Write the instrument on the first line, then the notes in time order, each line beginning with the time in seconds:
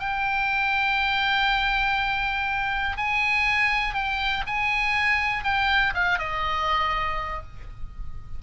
oboe
0.00 G5
2.98 G#5
3.95 G5
4.47 G#5
5.44 G5
5.95 F5
6.19 D#5